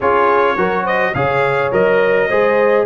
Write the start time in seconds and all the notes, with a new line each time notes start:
0.00 C#4 F4 G#4 C#5
0.56 F#3 F#4 A#4
0.83 C5 D#5
1.14 C#3 G#4 C#5 F5
1.72 F#3 A#4 D#5
2.28 G#3 G#4 C5